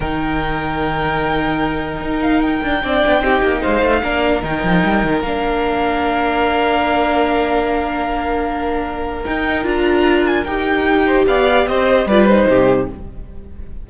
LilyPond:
<<
  \new Staff \with { instrumentName = "violin" } { \time 4/4 \tempo 4 = 149 g''1~ | g''4. f''8 g''2~ | g''4 f''2 g''4~ | g''4 f''2.~ |
f''1~ | f''2. g''4 | ais''4. gis''8 g''2 | f''4 dis''4 d''8 c''4. | }
  \new Staff \with { instrumentName = "violin" } { \time 4/4 ais'1~ | ais'2. d''4 | g'4 c''4 ais'2~ | ais'1~ |
ais'1~ | ais'1~ | ais'2.~ ais'8 c''8 | d''4 c''4 b'4 g'4 | }
  \new Staff \with { instrumentName = "viola" } { \time 4/4 dis'1~ | dis'2. d'4 | dis'2 d'4 dis'4~ | dis'4 d'2.~ |
d'1~ | d'2. dis'4 | f'2 g'2~ | g'2 f'8 dis'4. | }
  \new Staff \with { instrumentName = "cello" } { \time 4/4 dis1~ | dis4 dis'4. d'8 c'8 b8 | c'8 ais8 gis8 a8 ais4 dis8 f8 | g8 dis8 ais2.~ |
ais1~ | ais2. dis'4 | d'2 dis'2 | b4 c'4 g4 c4 | }
>>